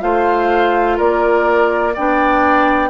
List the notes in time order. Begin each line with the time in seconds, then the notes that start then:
0.00 A3 F4 C5 F5
0.97 A#3 A#4 D5
1.94 B3 D4 D5 G5